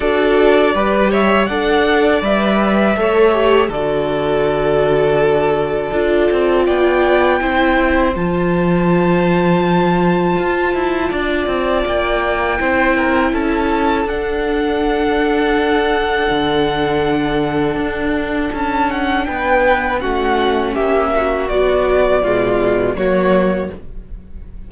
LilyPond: <<
  \new Staff \with { instrumentName = "violin" } { \time 4/4 \tempo 4 = 81 d''4. e''8 fis''4 e''4~ | e''4 d''2.~ | d''4 g''2 a''4~ | a''1 |
g''2 a''4 fis''4~ | fis''1~ | fis''4 a''8 fis''8 g''4 fis''4 | e''4 d''2 cis''4 | }
  \new Staff \with { instrumentName = "violin" } { \time 4/4 a'4 b'8 cis''8 d''2 | cis''4 a'2.~ | a'4 d''4 c''2~ | c''2. d''4~ |
d''4 c''8 ais'8 a'2~ | a'1~ | a'2 b'4 fis'4 | g'8 fis'4. f'4 fis'4 | }
  \new Staff \with { instrumentName = "viola" } { \time 4/4 fis'4 g'4 a'4 b'4 | a'8 g'8 fis'2. | f'2 e'4 f'4~ | f'1~ |
f'4 e'2 d'4~ | d'1~ | d'2. cis'4~ | cis'4 fis4 gis4 ais4 | }
  \new Staff \with { instrumentName = "cello" } { \time 4/4 d'4 g4 d'4 g4 | a4 d2. | d'8 c'8 b4 c'4 f4~ | f2 f'8 e'8 d'8 c'8 |
ais4 c'4 cis'4 d'4~ | d'2 d2 | d'4 cis'4 b4 a4 | ais4 b4 b,4 fis4 | }
>>